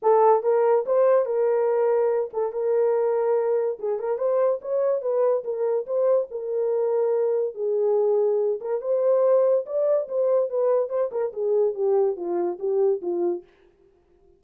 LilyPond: \new Staff \with { instrumentName = "horn" } { \time 4/4 \tempo 4 = 143 a'4 ais'4 c''4 ais'4~ | ais'4. a'8 ais'2~ | ais'4 gis'8 ais'8 c''4 cis''4 | b'4 ais'4 c''4 ais'4~ |
ais'2 gis'2~ | gis'8 ais'8 c''2 d''4 | c''4 b'4 c''8 ais'8 gis'4 | g'4 f'4 g'4 f'4 | }